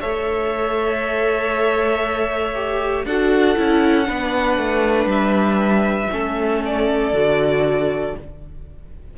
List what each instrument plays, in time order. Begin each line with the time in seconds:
0.00 cello A3, viola A4, violin C#5 E5
2.54 viola G4
3.05 cello D4, viola F#4, violin A4 F#5
3.55 cello C#4, viola E4
4.05 cello B3, viola D4, violin B4
4.57 cello A3
5.06 cello G3, violin E5
6.11 cello A3, viola C#4, violin A4
6.65 violin D5
7.12 cello D3, viola F#4